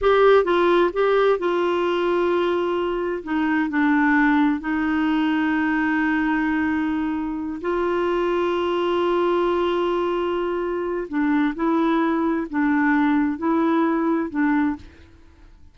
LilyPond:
\new Staff \with { instrumentName = "clarinet" } { \time 4/4 \tempo 4 = 130 g'4 f'4 g'4 f'4~ | f'2. dis'4 | d'2 dis'2~ | dis'1~ |
dis'8 f'2.~ f'8~ | f'1 | d'4 e'2 d'4~ | d'4 e'2 d'4 | }